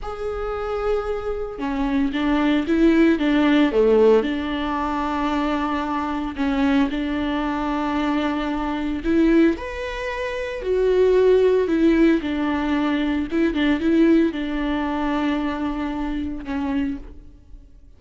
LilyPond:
\new Staff \with { instrumentName = "viola" } { \time 4/4 \tempo 4 = 113 gis'2. cis'4 | d'4 e'4 d'4 a4 | d'1 | cis'4 d'2.~ |
d'4 e'4 b'2 | fis'2 e'4 d'4~ | d'4 e'8 d'8 e'4 d'4~ | d'2. cis'4 | }